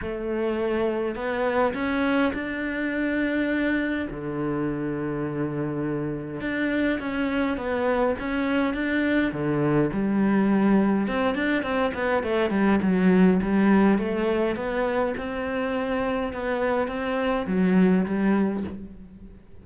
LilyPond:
\new Staff \with { instrumentName = "cello" } { \time 4/4 \tempo 4 = 103 a2 b4 cis'4 | d'2. d4~ | d2. d'4 | cis'4 b4 cis'4 d'4 |
d4 g2 c'8 d'8 | c'8 b8 a8 g8 fis4 g4 | a4 b4 c'2 | b4 c'4 fis4 g4 | }